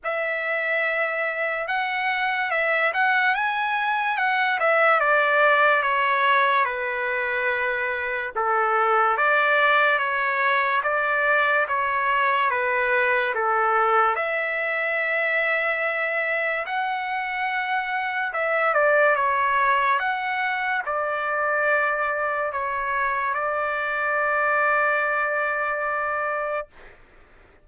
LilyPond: \new Staff \with { instrumentName = "trumpet" } { \time 4/4 \tempo 4 = 72 e''2 fis''4 e''8 fis''8 | gis''4 fis''8 e''8 d''4 cis''4 | b'2 a'4 d''4 | cis''4 d''4 cis''4 b'4 |
a'4 e''2. | fis''2 e''8 d''8 cis''4 | fis''4 d''2 cis''4 | d''1 | }